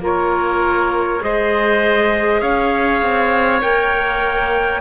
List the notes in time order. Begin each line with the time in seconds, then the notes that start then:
0.00 A#3 F4 A#4 C#5
1.20 G#3 G#4 C5 D#5
2.42 C#4 C#5 F5
3.02 C4
3.61 A#3 A#4 G5